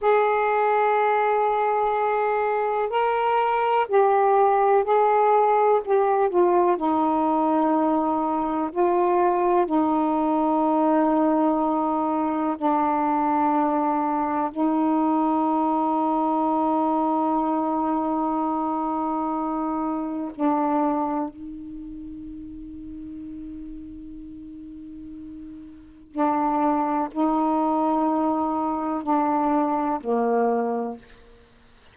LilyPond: \new Staff \with { instrumentName = "saxophone" } { \time 4/4 \tempo 4 = 62 gis'2. ais'4 | g'4 gis'4 g'8 f'8 dis'4~ | dis'4 f'4 dis'2~ | dis'4 d'2 dis'4~ |
dis'1~ | dis'4 d'4 dis'2~ | dis'2. d'4 | dis'2 d'4 ais4 | }